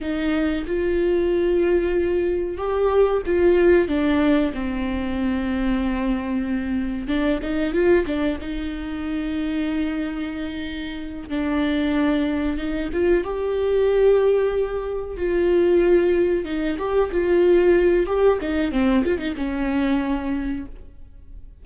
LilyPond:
\new Staff \with { instrumentName = "viola" } { \time 4/4 \tempo 4 = 93 dis'4 f'2. | g'4 f'4 d'4 c'4~ | c'2. d'8 dis'8 | f'8 d'8 dis'2.~ |
dis'4. d'2 dis'8 | f'8 g'2. f'8~ | f'4. dis'8 g'8 f'4. | g'8 dis'8 c'8 f'16 dis'16 cis'2 | }